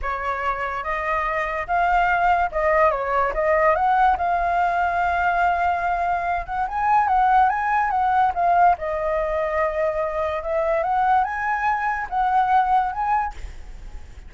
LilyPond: \new Staff \with { instrumentName = "flute" } { \time 4/4 \tempo 4 = 144 cis''2 dis''2 | f''2 dis''4 cis''4 | dis''4 fis''4 f''2~ | f''2.~ f''8 fis''8 |
gis''4 fis''4 gis''4 fis''4 | f''4 dis''2.~ | dis''4 e''4 fis''4 gis''4~ | gis''4 fis''2 gis''4 | }